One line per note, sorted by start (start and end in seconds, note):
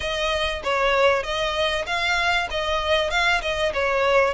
0.00 0.62 D#5
0.63 1.23 C#5
1.23 1.85 D#5
1.86 2.48 F5
2.50 3.10 D#5
3.10 3.41 F5
3.41 3.72 D#5
3.73 4.34 C#5